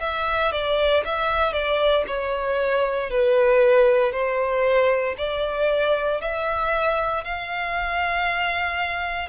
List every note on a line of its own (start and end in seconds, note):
0.00 0.52 E5
0.52 1.03 D5
1.05 1.52 E5
1.52 2.04 D5
2.07 3.10 C#5
3.10 4.12 B4
4.12 5.15 C5
5.18 6.21 D5
6.21 7.24 E5
7.24 9.29 F5